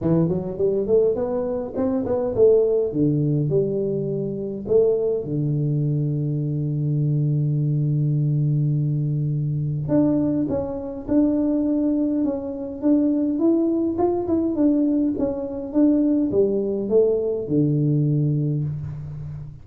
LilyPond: \new Staff \with { instrumentName = "tuba" } { \time 4/4 \tempo 4 = 103 e8 fis8 g8 a8 b4 c'8 b8 | a4 d4 g2 | a4 d2.~ | d1~ |
d4 d'4 cis'4 d'4~ | d'4 cis'4 d'4 e'4 | f'8 e'8 d'4 cis'4 d'4 | g4 a4 d2 | }